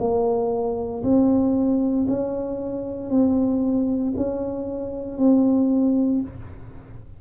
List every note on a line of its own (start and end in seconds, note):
0.00 1.03 A#3
1.03 2.07 C4
2.08 3.11 C#4
3.11 4.14 C4
4.17 5.18 C#4
5.18 6.22 C4